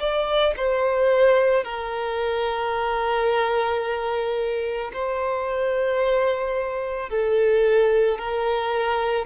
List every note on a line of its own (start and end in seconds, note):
0.00 0.55 D5
0.58 1.65 C5
1.65 4.92 A#4
4.94 7.10 C5
7.10 8.19 A4
8.19 9.26 A#4